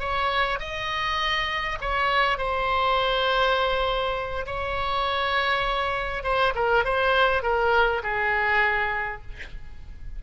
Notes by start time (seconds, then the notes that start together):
0.00 C#5
0.60 D#5
1.81 C#5
2.38 C5
4.47 C#5
6.24 C5
6.55 A#4
6.85 C5
7.43 A#4
8.03 G#4